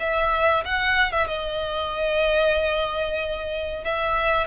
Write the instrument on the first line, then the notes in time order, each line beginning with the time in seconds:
violin
0.00 E5
0.65 F#5
1.12 E5
1.27 D#5
3.84 E5